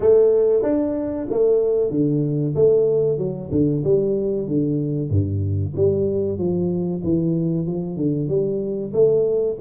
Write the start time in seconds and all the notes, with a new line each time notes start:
0.00 A3
0.62 D4
1.29 A3
1.90 D3
2.55 A3
3.17 F#3
3.51 D3
3.84 G3
4.47 D3
5.09 G2
5.76 G3
6.38 F3
7.03 E3
7.66 F3
7.96 D3
8.28 G3
8.93 A3